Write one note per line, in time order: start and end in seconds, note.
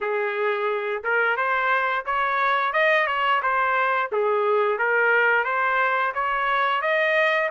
0.00 1.03 G#4
1.03 1.36 A#4
1.36 2.05 C5
2.05 2.73 C#5
2.73 3.07 D#5
3.07 3.41 C#5
3.42 4.10 C5
4.12 4.78 G#4
4.78 5.44 A#4
5.44 6.12 C5
6.14 6.81 C#5
6.81 7.49 D#5